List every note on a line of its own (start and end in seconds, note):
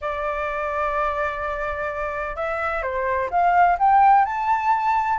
0.01 2.36 D5
2.36 2.82 E5
2.82 3.29 C5
3.30 3.77 F5
3.78 4.25 G5
4.25 5.19 A5